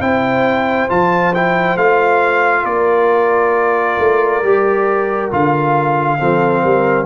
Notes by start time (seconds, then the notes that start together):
0.00 C4 E4 C5 G5
0.89 F3 F4 A5
1.34 E4 G5
1.76 A3 F4 F5
2.63 A#3 A#4 D5
3.98 A3
4.42 G3 G4
5.31 D3 F4 F5
6.19 F3 C4 A4
6.62 G3 A#4